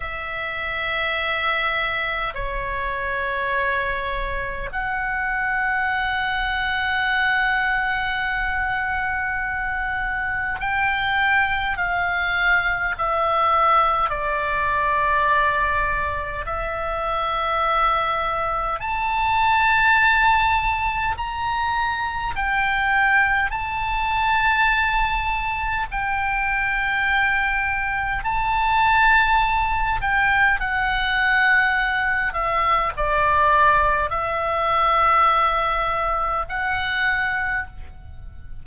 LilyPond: \new Staff \with { instrumentName = "oboe" } { \time 4/4 \tempo 4 = 51 e''2 cis''2 | fis''1~ | fis''4 g''4 f''4 e''4 | d''2 e''2 |
a''2 ais''4 g''4 | a''2 g''2 | a''4. g''8 fis''4. e''8 | d''4 e''2 fis''4 | }